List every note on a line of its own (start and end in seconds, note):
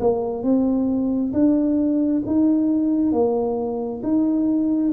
0.00 0.44 A#3
0.44 1.33 C4
1.34 2.23 D4
2.27 3.13 D#4
3.13 4.02 A#3
4.03 4.93 D#4